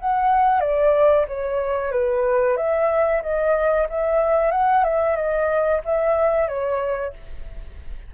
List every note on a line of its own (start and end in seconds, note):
0.00 0.61 F#5
0.61 1.26 D5
1.28 1.92 C#5
1.92 2.57 B4
2.57 3.23 E5
3.23 3.88 D#5
3.90 4.52 E5
4.52 4.84 F#5
4.84 5.16 E5
5.16 5.82 D#5
5.85 6.48 E5
6.48 7.14 C#5